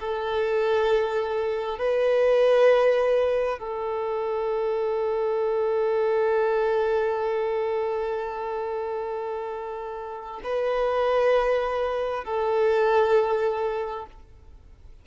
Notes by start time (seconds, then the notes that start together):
0.00 A4
1.79 B4
3.59 A4
10.44 B4
12.25 A4